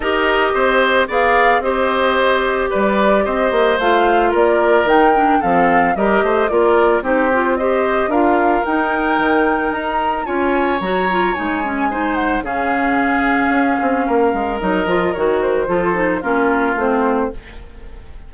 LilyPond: <<
  \new Staff \with { instrumentName = "flute" } { \time 4/4 \tempo 4 = 111 dis''2 f''4 dis''4~ | dis''4 d''4 dis''4 f''4 | d''4 g''4 f''4 dis''4 | d''4 c''4 dis''4 f''4 |
g''2 ais''4 gis''4 | ais''4 gis''4. fis''8 f''4~ | f''2. dis''4 | cis''8 c''4. ais'4 c''4 | }
  \new Staff \with { instrumentName = "oboe" } { \time 4/4 ais'4 c''4 d''4 c''4~ | c''4 b'4 c''2 | ais'2 a'4 ais'8 c''8 | ais'4 g'4 c''4 ais'4~ |
ais'2. cis''4~ | cis''2 c''4 gis'4~ | gis'2 ais'2~ | ais'4 a'4 f'2 | }
  \new Staff \with { instrumentName = "clarinet" } { \time 4/4 g'2 gis'4 g'4~ | g'2. f'4~ | f'4 dis'8 d'8 c'4 g'4 | f'4 dis'8 f'8 g'4 f'4 |
dis'2. f'4 | fis'8 f'8 dis'8 cis'8 dis'4 cis'4~ | cis'2. dis'8 f'8 | fis'4 f'8 dis'8 cis'4 c'4 | }
  \new Staff \with { instrumentName = "bassoon" } { \time 4/4 dis'4 c'4 b4 c'4~ | c'4 g4 c'8 ais8 a4 | ais4 dis4 f4 g8 a8 | ais4 c'2 d'4 |
dis'4 dis4 dis'4 cis'4 | fis4 gis2 cis4~ | cis4 cis'8 c'8 ais8 gis8 fis8 f8 | dis4 f4 ais4 a4 | }
>>